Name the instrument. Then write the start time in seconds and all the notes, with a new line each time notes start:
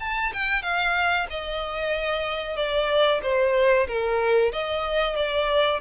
violin
0.00 A5
0.33 G5
0.62 F5
1.30 D#5
2.56 D5
3.23 C5
3.87 A#4
4.52 D#5
5.16 D5